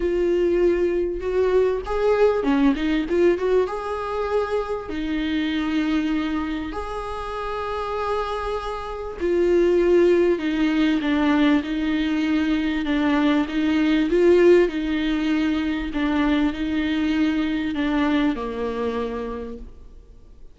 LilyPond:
\new Staff \with { instrumentName = "viola" } { \time 4/4 \tempo 4 = 98 f'2 fis'4 gis'4 | cis'8 dis'8 f'8 fis'8 gis'2 | dis'2. gis'4~ | gis'2. f'4~ |
f'4 dis'4 d'4 dis'4~ | dis'4 d'4 dis'4 f'4 | dis'2 d'4 dis'4~ | dis'4 d'4 ais2 | }